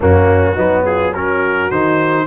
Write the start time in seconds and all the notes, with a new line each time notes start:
0.00 F#2 A#3 C#4 F#4
0.54 F#3 B3 D#4
0.85 F4 G#4
1.14 C#4 F#4 A#4
1.70 D#3 D#4 C5